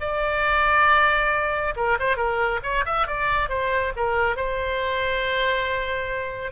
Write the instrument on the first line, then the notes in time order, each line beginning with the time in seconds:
oboe
0.00 D5
1.76 A#4
1.99 C5
2.17 A#4
2.63 C#5
2.85 E5
3.07 D5
3.49 C5
3.96 A#4
4.36 C5